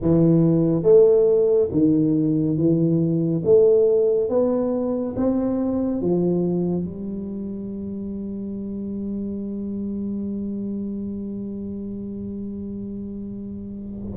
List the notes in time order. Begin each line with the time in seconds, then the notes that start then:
0.01 E3
0.83 A3
1.71 D#3
2.57 E3
3.44 A3
4.29 B3
5.16 C4
6.01 F3
6.84 G3